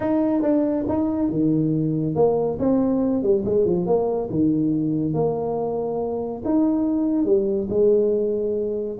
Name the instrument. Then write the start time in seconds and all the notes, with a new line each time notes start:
tuba
0.00 D#4
0.42 D4
0.88 D#4
1.29 D#3
2.15 A#3
2.59 C4
3.22 G3
3.45 G#3
3.65 F3
3.86 A#3
4.30 D#3
5.13 A#3
6.44 D#4
7.25 G3
7.69 G#3